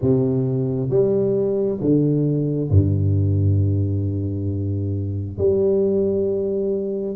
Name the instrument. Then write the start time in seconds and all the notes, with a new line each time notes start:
tuba
0.01 C3
0.89 G3
1.80 D3
2.70 G2
5.38 G3